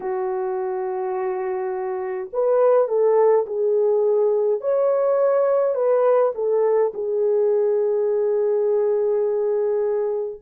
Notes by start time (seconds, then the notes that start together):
0.00 F#4
2.32 B4
2.87 A4
3.46 G#4
4.60 C#5
5.74 B4
6.35 A4
6.94 G#4